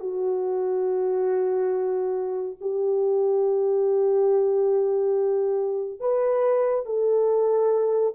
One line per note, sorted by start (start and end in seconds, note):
0.00 2.57 F#4
2.61 6.00 G4
6.00 6.86 B4
6.86 8.14 A4